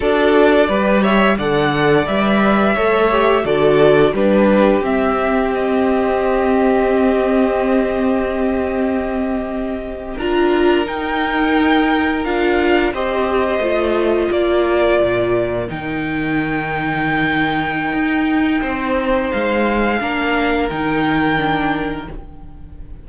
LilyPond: <<
  \new Staff \with { instrumentName = "violin" } { \time 4/4 \tempo 4 = 87 d''4. e''8 fis''4 e''4~ | e''4 d''4 b'4 e''4 | dis''1~ | dis''2~ dis''8. ais''4 g''16~ |
g''4.~ g''16 f''4 dis''4~ dis''16~ | dis''8. d''2 g''4~ g''16~ | g''1 | f''2 g''2 | }
  \new Staff \with { instrumentName = "violin" } { \time 4/4 a'4 b'8 cis''8 d''2 | cis''4 a'4 g'2~ | g'1~ | g'2~ g'8. ais'4~ ais'16~ |
ais'2~ ais'8. c''4~ c''16~ | c''8. ais'2.~ ais'16~ | ais'2. c''4~ | c''4 ais'2. | }
  \new Staff \with { instrumentName = "viola" } { \time 4/4 fis'4 g'4 a'4 b'4 | a'8 g'8 fis'4 d'4 c'4~ | c'1~ | c'2~ c'8. f'4 dis'16~ |
dis'4.~ dis'16 f'4 g'4 f'16~ | f'2~ f'8. dis'4~ dis'16~ | dis'1~ | dis'4 d'4 dis'4 d'4 | }
  \new Staff \with { instrumentName = "cello" } { \time 4/4 d'4 g4 d4 g4 | a4 d4 g4 c'4~ | c'1~ | c'2~ c'8. d'4 dis'16~ |
dis'4.~ dis'16 d'4 c'4 a16~ | a8. ais4 ais,4 dis4~ dis16~ | dis2 dis'4 c'4 | gis4 ais4 dis2 | }
>>